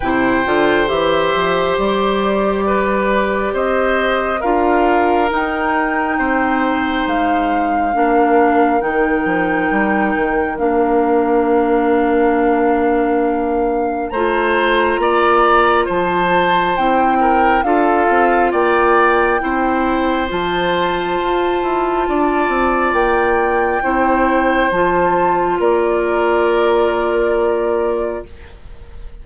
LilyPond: <<
  \new Staff \with { instrumentName = "flute" } { \time 4/4 \tempo 4 = 68 g''4 e''4 d''2 | dis''4 f''4 g''2 | f''2 g''2 | f''1 |
ais''2 a''4 g''4 | f''4 g''2 a''4~ | a''2 g''2 | a''4 d''2. | }
  \new Staff \with { instrumentName = "oboe" } { \time 4/4 c''2. b'4 | c''4 ais'2 c''4~ | c''4 ais'2.~ | ais'1 |
c''4 d''4 c''4. ais'8 | a'4 d''4 c''2~ | c''4 d''2 c''4~ | c''4 ais'2. | }
  \new Staff \with { instrumentName = "clarinet" } { \time 4/4 e'8 f'8 g'2.~ | g'4 f'4 dis'2~ | dis'4 d'4 dis'2 | d'1 |
f'2. e'4 | f'2 e'4 f'4~ | f'2. e'4 | f'1 | }
  \new Staff \with { instrumentName = "bassoon" } { \time 4/4 c8 d8 e8 f8 g2 | c'4 d'4 dis'4 c'4 | gis4 ais4 dis8 f8 g8 dis8 | ais1 |
a4 ais4 f4 c'4 | d'8 c'8 ais4 c'4 f4 | f'8 e'8 d'8 c'8 ais4 c'4 | f4 ais2. | }
>>